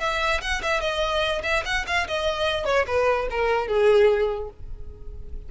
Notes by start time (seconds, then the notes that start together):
0.00 E5
0.41 F#5
0.62 E5
0.81 D#5
1.43 E5
1.65 F#5
1.87 F5
2.07 D#5
2.65 C#5
2.86 B4
3.30 A#4
3.67 G#4